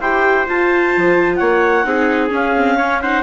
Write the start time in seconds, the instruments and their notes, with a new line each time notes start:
0.00 bassoon E4, viola G4, trumpet C5, clarinet G5
0.46 viola F4, bassoon F4, clarinet A5
0.97 bassoon F3
1.35 bassoon A#3, trumpet C#5, clarinet F#5
1.84 bassoon C4, viola D#4, trumpet G#4
2.30 viola C#4, bassoon C#4, clarinet F5
2.57 viola C4
2.77 viola C#4, trumpet C#5
3.02 viola D#4, trumpet C5, clarinet F#5